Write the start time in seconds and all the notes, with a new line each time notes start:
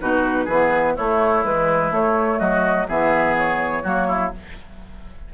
0.00 B2 D#4 F#4 B4
0.44 E3 B3 G#4
0.96 A3 E4 C#5
1.44 E3 G#3 B4
1.91 A3 C#5
2.38 F#3 F#4 D#5
2.88 E3 B3 G#4 E5
3.37 C#5
3.83 F#3 A#3 F#4
4.07 E4